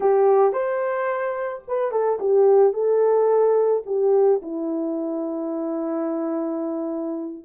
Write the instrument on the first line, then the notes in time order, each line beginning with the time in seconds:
horn
0.00 G4
0.52 C5
1.67 B4
1.91 A4
2.19 G4
2.73 A4
3.86 G4
4.42 E4